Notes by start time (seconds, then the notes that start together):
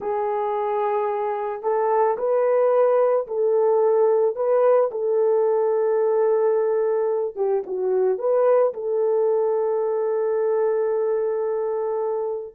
0.00 G#4
1.62 A4
2.17 B4
3.27 A4
4.35 B4
4.91 A4
7.35 G4
7.66 F#4
8.18 B4
8.73 A4